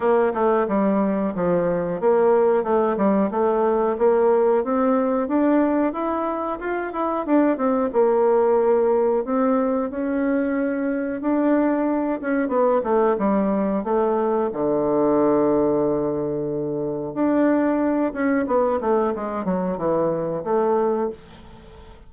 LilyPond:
\new Staff \with { instrumentName = "bassoon" } { \time 4/4 \tempo 4 = 91 ais8 a8 g4 f4 ais4 | a8 g8 a4 ais4 c'4 | d'4 e'4 f'8 e'8 d'8 c'8 | ais2 c'4 cis'4~ |
cis'4 d'4. cis'8 b8 a8 | g4 a4 d2~ | d2 d'4. cis'8 | b8 a8 gis8 fis8 e4 a4 | }